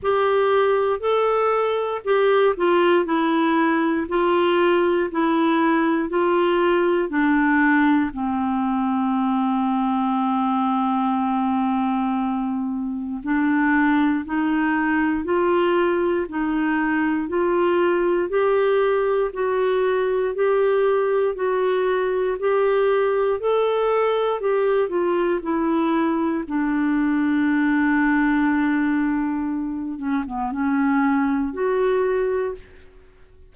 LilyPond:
\new Staff \with { instrumentName = "clarinet" } { \time 4/4 \tempo 4 = 59 g'4 a'4 g'8 f'8 e'4 | f'4 e'4 f'4 d'4 | c'1~ | c'4 d'4 dis'4 f'4 |
dis'4 f'4 g'4 fis'4 | g'4 fis'4 g'4 a'4 | g'8 f'8 e'4 d'2~ | d'4. cis'16 b16 cis'4 fis'4 | }